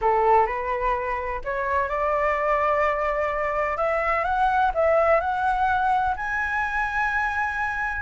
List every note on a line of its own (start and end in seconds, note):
0.01 0.46 A4
0.46 1.41 B4
1.44 1.88 C#5
1.88 3.77 D5
3.77 4.24 E5
4.24 4.71 F#5
4.74 5.20 E5
5.20 6.15 F#5
6.16 8.01 G#5